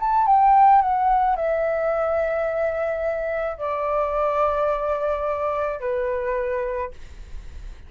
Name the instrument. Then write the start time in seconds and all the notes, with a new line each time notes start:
flute
0.00 A5
0.26 G5
0.82 F#5
1.36 E5
3.58 D5
5.80 B4